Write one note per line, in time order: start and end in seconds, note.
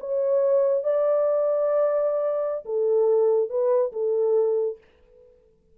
0.00 0.84 C#5
0.84 2.65 D5
2.66 3.50 A4
3.50 3.92 B4
3.93 4.78 A4